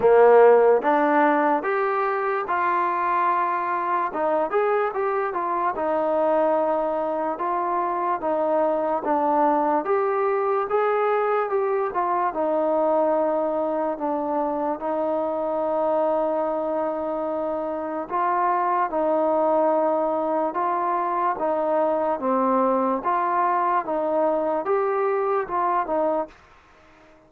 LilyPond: \new Staff \with { instrumentName = "trombone" } { \time 4/4 \tempo 4 = 73 ais4 d'4 g'4 f'4~ | f'4 dis'8 gis'8 g'8 f'8 dis'4~ | dis'4 f'4 dis'4 d'4 | g'4 gis'4 g'8 f'8 dis'4~ |
dis'4 d'4 dis'2~ | dis'2 f'4 dis'4~ | dis'4 f'4 dis'4 c'4 | f'4 dis'4 g'4 f'8 dis'8 | }